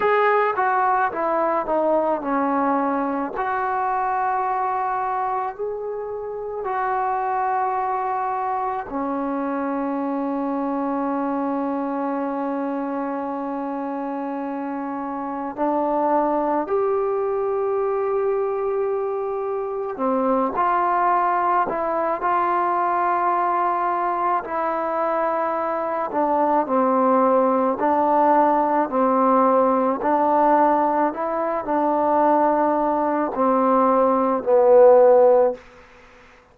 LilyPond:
\new Staff \with { instrumentName = "trombone" } { \time 4/4 \tempo 4 = 54 gis'8 fis'8 e'8 dis'8 cis'4 fis'4~ | fis'4 gis'4 fis'2 | cis'1~ | cis'2 d'4 g'4~ |
g'2 c'8 f'4 e'8 | f'2 e'4. d'8 | c'4 d'4 c'4 d'4 | e'8 d'4. c'4 b4 | }